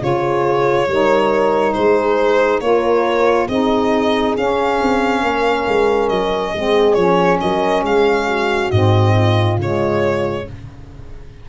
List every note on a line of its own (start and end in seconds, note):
0.00 0.87 C#3
0.00 0.87 F4
0.00 0.90 G#4
0.00 1.74 C#5
0.87 1.74 G3
0.87 2.62 D#4
0.87 1.76 A#4
1.74 2.61 G#3
1.74 2.62 G#4
1.74 2.61 C5
2.61 3.48 A#3
2.61 3.49 F4
2.61 3.48 A#4
2.61 3.48 C#5
3.48 4.35 C4
3.48 4.38 D#4
3.48 5.22 G#4
3.48 4.36 D#5
4.38 4.81 C#4
4.38 6.56 C#4
4.38 6.09 F5
4.82 5.23 C4
5.23 5.66 A#3
5.23 6.53 A#4
5.68 6.11 G#3
6.09 6.55 F#3
6.09 6.95 D#5
6.53 6.96 G#3
6.53 6.98 C4
6.53 7.40 G#4
6.95 7.40 F3
6.95 8.72 C#4
6.95 7.38 C#5
7.41 7.82 F#3
7.41 7.86 A#4
7.41 7.84 D#5
7.82 8.69 G#3
7.82 8.28 G#4
7.82 8.71 F5
8.28 9.14 F#4
8.71 9.58 G#2
8.71 9.60 C4
8.71 9.58 D#5
9.14 10.45 F4
9.58 10.45 C#3
9.58 10.47 G#3
9.58 10.49 C#5